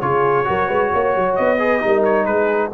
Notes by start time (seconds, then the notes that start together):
0.00 C#3 F4 G#4 C#5
0.44 F#3 F#4 A#4
0.67 G#3 B4
0.92 A#3 C#5
1.16 F#3
1.35 B3 D#5
1.59 G#4 B4
1.80 G3 D#4 A#4
2.03 C#5
2.25 G#3 G#4 B4